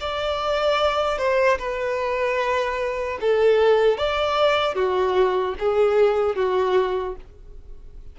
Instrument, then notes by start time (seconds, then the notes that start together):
violin
0.00 D5
1.18 C5
1.58 B4
3.21 A4
3.97 D5
4.75 F#4
5.59 G#4
6.35 F#4